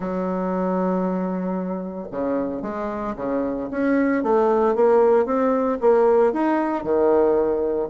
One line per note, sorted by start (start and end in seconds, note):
0.00 2.07 F#3
2.11 2.62 C#3
2.62 3.14 G#3
3.16 3.68 C#3
3.71 4.23 C#4
4.23 4.75 A3
4.75 5.25 A#3
5.25 5.78 C4
5.81 6.33 A#3
6.33 6.83 D#4
6.83 7.89 D#3